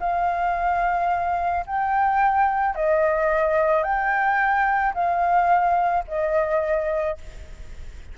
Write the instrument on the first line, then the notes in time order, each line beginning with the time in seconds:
flute
0.00 F5
1.66 G5
2.75 D#5
3.83 G5
4.94 F5
6.07 D#5